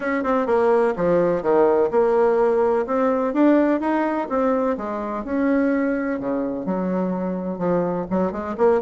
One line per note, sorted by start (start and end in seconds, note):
0.00 0.23 C#4
0.23 0.46 C4
0.46 0.94 A#3
0.96 1.42 F3
1.42 1.90 D#3
1.90 2.86 A#3
2.86 3.33 C4
3.33 3.80 D4
3.80 4.28 D#4
4.29 4.77 C4
4.77 5.24 G#3
5.24 6.19 C#4
6.19 6.65 C#3
6.65 7.58 F#3
7.58 8.06 F3
8.10 8.32 F#3
8.32 8.55 G#3
8.57 8.81 A#3